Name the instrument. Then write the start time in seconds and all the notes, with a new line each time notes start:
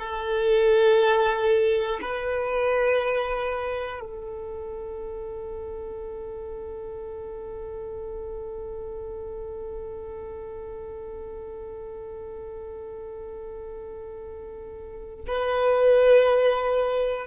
violin
0.00 A4
2.02 B4
4.00 A4
15.27 B4